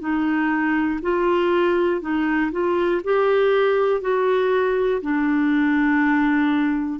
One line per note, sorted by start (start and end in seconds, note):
0.00 1.00 D#4
1.02 2.01 F4
2.01 2.51 D#4
2.51 3.01 F4
3.04 4.01 G4
4.01 5.01 F#4
5.02 7.00 D4